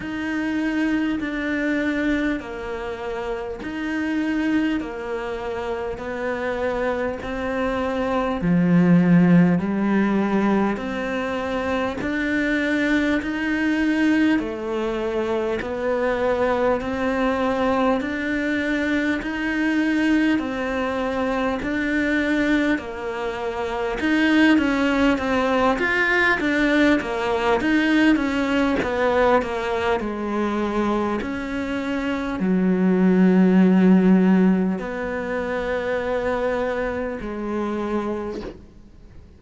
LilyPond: \new Staff \with { instrumentName = "cello" } { \time 4/4 \tempo 4 = 50 dis'4 d'4 ais4 dis'4 | ais4 b4 c'4 f4 | g4 c'4 d'4 dis'4 | a4 b4 c'4 d'4 |
dis'4 c'4 d'4 ais4 | dis'8 cis'8 c'8 f'8 d'8 ais8 dis'8 cis'8 | b8 ais8 gis4 cis'4 fis4~ | fis4 b2 gis4 | }